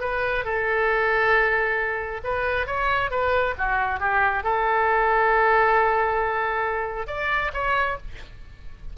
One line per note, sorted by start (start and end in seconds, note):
0.00 0.44 B4
0.44 2.21 A4
2.24 2.66 B4
2.66 3.10 C#5
3.10 3.54 B4
3.57 4.00 F#4
4.00 4.43 G4
4.43 7.07 A4
7.07 7.51 D5
7.53 7.97 C#5